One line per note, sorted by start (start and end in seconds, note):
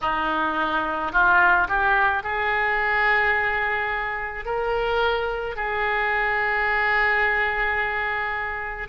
0.01 1.12 D#4
1.12 1.67 F4
1.68 2.23 G4
2.23 4.44 G#4
4.44 5.56 A#4
5.56 8.88 G#4